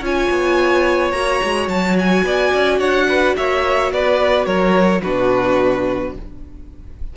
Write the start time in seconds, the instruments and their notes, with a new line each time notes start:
0.00 cello C#4, viola F4, violin C#5 G#5
0.30 cello B3
1.11 cello A#3, viola F#4, violin A#5
1.43 cello G#3
1.67 cello F#3, violin A5
1.98 violin G#5
2.23 cello B3, violin D5
2.54 cello C#4
2.78 cello D4, violin C#5 F#5
3.08 violin B4
3.36 cello A#3, violin C#5 E5
3.91 cello B3, violin B4 D5
4.45 cello F#3, violin A#4 C#5
5.02 cello B2, viola D4, violin F#4 B4